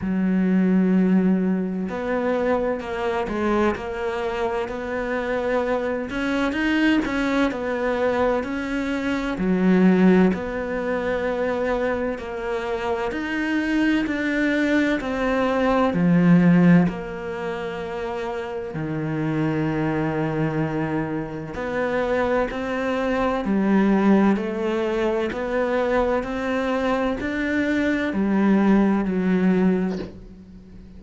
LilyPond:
\new Staff \with { instrumentName = "cello" } { \time 4/4 \tempo 4 = 64 fis2 b4 ais8 gis8 | ais4 b4. cis'8 dis'8 cis'8 | b4 cis'4 fis4 b4~ | b4 ais4 dis'4 d'4 |
c'4 f4 ais2 | dis2. b4 | c'4 g4 a4 b4 | c'4 d'4 g4 fis4 | }